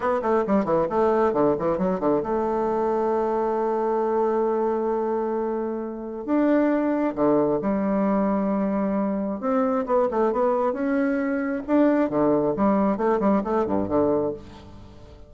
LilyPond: \new Staff \with { instrumentName = "bassoon" } { \time 4/4 \tempo 4 = 134 b8 a8 g8 e8 a4 d8 e8 | fis8 d8 a2.~ | a1~ | a2 d'2 |
d4 g2.~ | g4 c'4 b8 a8 b4 | cis'2 d'4 d4 | g4 a8 g8 a8 g,8 d4 | }